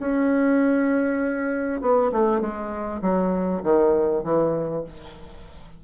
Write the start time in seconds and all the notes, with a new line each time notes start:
0.00 C#4
1.82 B3
2.13 A3
2.41 G#3
3.02 F#3
3.64 D#3
4.24 E3